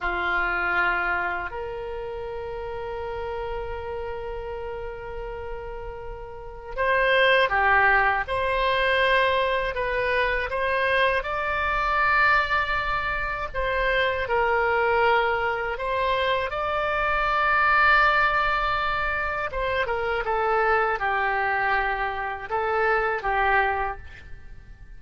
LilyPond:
\new Staff \with { instrumentName = "oboe" } { \time 4/4 \tempo 4 = 80 f'2 ais'2~ | ais'1~ | ais'4 c''4 g'4 c''4~ | c''4 b'4 c''4 d''4~ |
d''2 c''4 ais'4~ | ais'4 c''4 d''2~ | d''2 c''8 ais'8 a'4 | g'2 a'4 g'4 | }